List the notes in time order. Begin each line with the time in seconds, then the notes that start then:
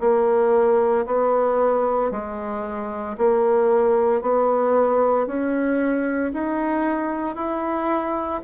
0.00 A#3
1.06 B3
2.11 G#3
3.17 A#3
4.22 B3
5.27 C#4
6.33 D#4
7.35 E4